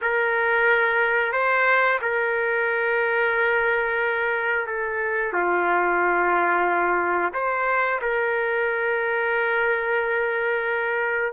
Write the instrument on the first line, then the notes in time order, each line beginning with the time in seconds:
trumpet
0.01 A#4
1.32 C5
2.01 A#4
4.66 A4
5.33 F4
7.33 C5
8.01 A#4